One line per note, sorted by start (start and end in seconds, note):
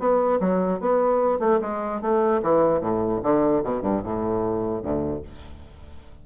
0.00 0.40 B3
0.41 0.81 F#3
0.81 1.40 B3
1.40 1.60 A3
1.61 2.02 G#3
2.02 2.42 A3
2.43 2.81 E3
2.81 3.22 A2
3.23 3.64 D3
3.64 3.82 B2
3.82 4.02 G2
4.04 4.83 A2
4.83 5.23 D2